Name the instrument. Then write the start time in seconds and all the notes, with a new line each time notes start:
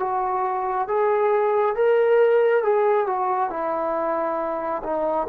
trombone
0.00 F#4
0.88 G#4
1.76 A#4
2.64 G#4
3.07 F#4
3.51 E4
4.84 D#4